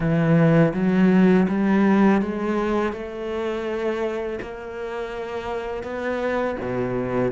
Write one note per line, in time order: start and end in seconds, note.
0.00 0.73 E3
0.74 1.47 F#3
1.48 2.22 G3
2.22 2.93 G#3
2.93 4.39 A3
4.41 5.83 A#3
5.83 6.56 B3
6.61 7.31 B2